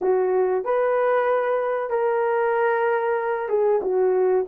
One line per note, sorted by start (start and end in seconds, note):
0.01 0.64 F#4
0.64 1.90 B4
1.90 3.48 A#4
3.48 3.80 G#4
3.82 4.45 F#4